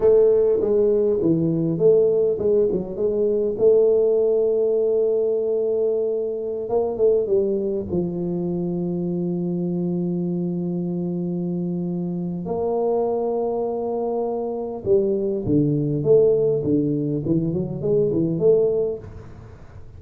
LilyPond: \new Staff \with { instrumentName = "tuba" } { \time 4/4 \tempo 4 = 101 a4 gis4 e4 a4 | gis8 fis8 gis4 a2~ | a2.~ a16 ais8 a16~ | a16 g4 f2~ f8.~ |
f1~ | f4 ais2.~ | ais4 g4 d4 a4 | d4 e8 fis8 gis8 e8 a4 | }